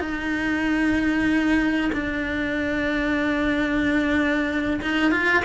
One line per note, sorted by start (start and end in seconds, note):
0.00 1.91 D#4
1.93 4.80 D4
4.82 5.12 D#4
5.12 5.44 F4